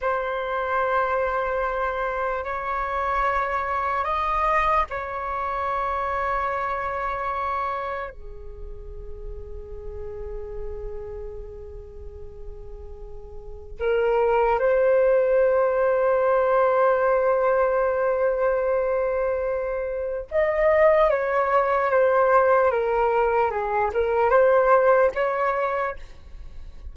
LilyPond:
\new Staff \with { instrumentName = "flute" } { \time 4/4 \tempo 4 = 74 c''2. cis''4~ | cis''4 dis''4 cis''2~ | cis''2 gis'2~ | gis'1~ |
gis'4 ais'4 c''2~ | c''1~ | c''4 dis''4 cis''4 c''4 | ais'4 gis'8 ais'8 c''4 cis''4 | }